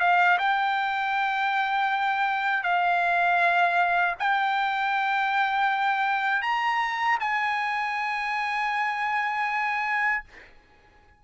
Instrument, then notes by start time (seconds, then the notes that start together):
trumpet
0.00 F5
0.38 G5
2.63 F5
4.19 G5
6.42 A#5
7.20 G#5